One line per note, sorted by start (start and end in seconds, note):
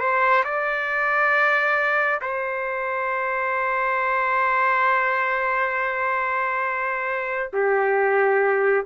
0.00 0.44 C5
0.45 2.21 D5
2.22 7.51 C5
7.53 8.86 G4